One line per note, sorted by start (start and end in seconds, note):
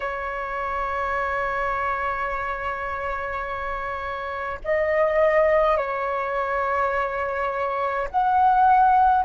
0.00 4.59 C#5
4.64 5.77 D#5
5.77 8.08 C#5
8.10 9.24 F#5